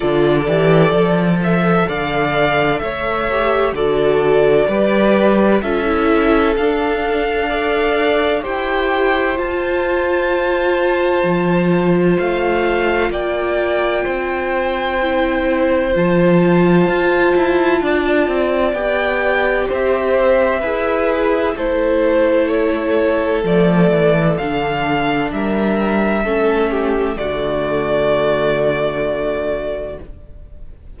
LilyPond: <<
  \new Staff \with { instrumentName = "violin" } { \time 4/4 \tempo 4 = 64 d''4. e''8 f''4 e''4 | d''2 e''4 f''4~ | f''4 g''4 a''2~ | a''4 f''4 g''2~ |
g''4 a''2. | g''4 e''2 c''4 | cis''4 d''4 f''4 e''4~ | e''4 d''2. | }
  \new Staff \with { instrumentName = "violin" } { \time 4/4 a'2 d''4 cis''4 | a'4 b'4 a'2 | d''4 c''2.~ | c''2 d''4 c''4~ |
c''2. d''4~ | d''4 c''4 b'4 a'4~ | a'2. ais'4 | a'8 g'8 fis'2. | }
  \new Staff \with { instrumentName = "viola" } { \time 4/4 f'8 g'8 a'2~ a'8 g'8 | fis'4 g'4 f'16 e'8. d'4 | a'4 g'4 f'2~ | f'1 |
e'4 f'2. | g'2 gis'4 e'4~ | e'4 a4 d'2 | cis'4 a2. | }
  \new Staff \with { instrumentName = "cello" } { \time 4/4 d8 e8 f4 d4 a4 | d4 g4 cis'4 d'4~ | d'4 e'4 f'2 | f4 a4 ais4 c'4~ |
c'4 f4 f'8 e'8 d'8 c'8 | b4 c'4 e'4 a4~ | a4 f8 e8 d4 g4 | a4 d2. | }
>>